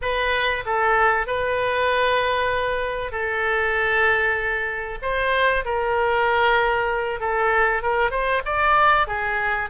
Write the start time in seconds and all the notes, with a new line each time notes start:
0.01 B4
0.65 A4
1.26 B4
3.11 A4
5.01 C5
5.64 A#4
7.19 A4
7.82 A#4
8.10 C5
8.45 D5
9.07 G#4